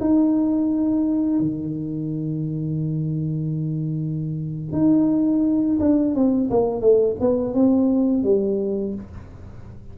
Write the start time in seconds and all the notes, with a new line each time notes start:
0.00 D#4
1.40 D#3
4.72 D#4
5.79 D4
6.14 C4
6.50 A#3
6.81 A3
7.20 B3
7.54 C4
8.23 G3